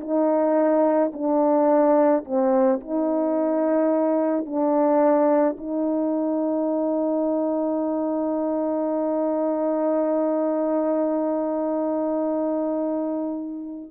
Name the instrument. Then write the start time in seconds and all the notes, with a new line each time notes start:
horn
0.00 D#4
1.13 D4
2.24 C4
2.80 D#4
4.45 D4
5.58 D#4